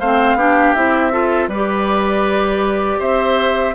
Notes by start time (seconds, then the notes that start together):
0.00 A3 C4 C5 F5
0.35 B3 D4 G4
0.74 C4 E4 E5
1.12 F4 A4
1.48 G3 B4 D5
1.55 G4
2.99 C4 C5 E5